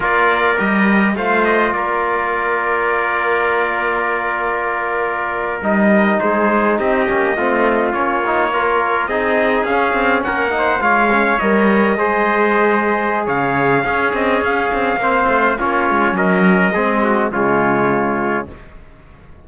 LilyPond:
<<
  \new Staff \with { instrumentName = "trumpet" } { \time 4/4 \tempo 4 = 104 d''4 dis''4 f''8 dis''8 d''4~ | d''1~ | d''4.~ d''16 dis''4 c''4 dis''16~ | dis''4.~ dis''16 cis''2 dis''16~ |
dis''8. f''4 fis''4 f''4 dis''16~ | dis''2. f''4~ | f''8 dis''8 f''2 cis''4 | dis''2 cis''2 | }
  \new Staff \with { instrumentName = "trumpet" } { \time 4/4 ais'2 c''4 ais'4~ | ais'1~ | ais'2~ ais'8. gis'4 g'16~ | g'8. f'2 ais'4 gis'16~ |
gis'4.~ gis'16 ais'8 c''8 cis''4~ cis''16~ | cis''8. c''2~ c''16 cis''4 | gis'2 c''4 f'4 | ais'4 gis'8 fis'8 f'2 | }
  \new Staff \with { instrumentName = "trombone" } { \time 4/4 f'4 g'4 f'2~ | f'1~ | f'4.~ f'16 dis'2~ dis'16~ | dis'16 cis'8 c'4 cis'8 dis'8 f'4 dis'16~ |
dis'8. cis'4. dis'8 f'8 cis'8 ais'16~ | ais'8. gis'2.~ gis'16 | cis'2 c'4 cis'4~ | cis'4 c'4 gis2 | }
  \new Staff \with { instrumentName = "cello" } { \time 4/4 ais4 g4 a4 ais4~ | ais1~ | ais4.~ ais16 g4 gis4 c'16~ | c'16 ais8 a4 ais2 c'16~ |
c'8. cis'8 c'8 ais4 gis4 g16~ | g8. gis2~ gis16 cis4 | cis'8 c'8 cis'8 c'8 ais8 a8 ais8 gis8 | fis4 gis4 cis2 | }
>>